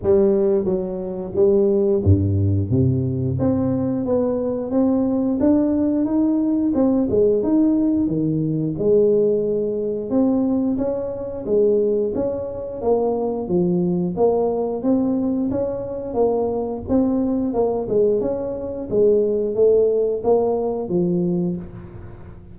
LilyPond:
\new Staff \with { instrumentName = "tuba" } { \time 4/4 \tempo 4 = 89 g4 fis4 g4 g,4 | c4 c'4 b4 c'4 | d'4 dis'4 c'8 gis8 dis'4 | dis4 gis2 c'4 |
cis'4 gis4 cis'4 ais4 | f4 ais4 c'4 cis'4 | ais4 c'4 ais8 gis8 cis'4 | gis4 a4 ais4 f4 | }